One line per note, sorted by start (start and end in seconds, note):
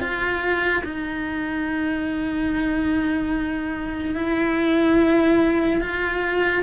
0.00 0.83 F4
0.84 4.16 D#4
4.16 5.81 E4
5.81 6.63 F4